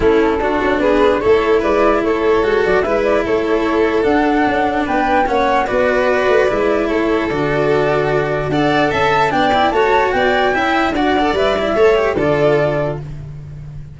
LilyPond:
<<
  \new Staff \with { instrumentName = "flute" } { \time 4/4 \tempo 4 = 148 a'2 b'4 cis''4 | d''4 cis''4. d''8 e''8 d''8 | cis''2 fis''2 | g''4 fis''4 d''2~ |
d''4 cis''4 d''2~ | d''4 fis''4 a''4 g''4 | a''4 g''2 fis''4 | e''2 d''2 | }
  \new Staff \with { instrumentName = "violin" } { \time 4/4 e'4 fis'4 gis'4 a'4 | b'4 a'2 b'4 | a'1 | b'4 cis''4 b'2~ |
b'4 a'2.~ | a'4 d''4 e''4 d''4 | cis''4 d''4 e''4 d''4~ | d''4 cis''4 a'2 | }
  \new Staff \with { instrumentName = "cello" } { \time 4/4 cis'4 d'2 e'4~ | e'2 fis'4 e'4~ | e'2 d'2~ | d'4 cis'4 fis'2 |
e'2 fis'2~ | fis'4 a'2 d'8 e'8 | fis'2 e'4 fis'8 a'8 | b'8 e'8 a'8 g'8 f'2 | }
  \new Staff \with { instrumentName = "tuba" } { \time 4/4 a4 d'8 cis'8 b4 a4 | gis4 a4 gis8 fis8 gis4 | a2 d'4 cis'4 | b4 ais4 b4. a8 |
gis4 a4 d2~ | d4 d'4 cis'4 b4 | a4 b4 cis'4 d'4 | g4 a4 d2 | }
>>